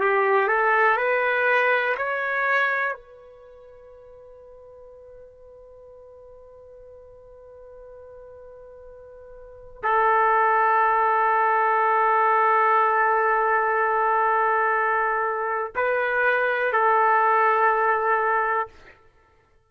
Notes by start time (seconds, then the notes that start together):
0.00 G4
0.48 A4
0.97 B4
1.97 C#5
2.93 B4
9.83 A4
15.75 B4
16.72 A4